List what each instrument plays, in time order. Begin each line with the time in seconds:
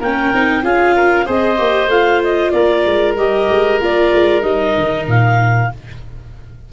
0.00 tuba A#3, viola C#4, oboe A#4, clarinet G5
0.33 tuba C4, viola D#4
0.63 tuba C#4, viola F4, oboe G#4, clarinet F5
0.96 oboe A#4
1.26 tuba C4, viola G#4, oboe C5, clarinet D#5
1.57 tuba A#3, viola G4
1.87 tuba A3, viola F4, clarinet F5
2.24 clarinet D#5
2.51 tuba A#3, oboe A#4, clarinet D5
2.86 tuba G#3
3.17 tuba G3, viola G4, clarinet D#5
3.49 tuba G#3
3.81 tuba A#3, viola F4, clarinet D5
4.14 tuba G#3
4.42 tuba G3, viola D#4, clarinet D#5
4.77 tuba D#3
5.07 tuba A#2, clarinet F5